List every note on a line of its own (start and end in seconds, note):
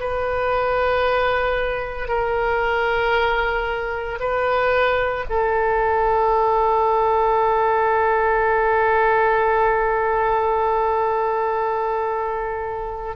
0.00 2.09 B4
2.09 4.19 A#4
4.20 5.25 B4
5.30 13.17 A4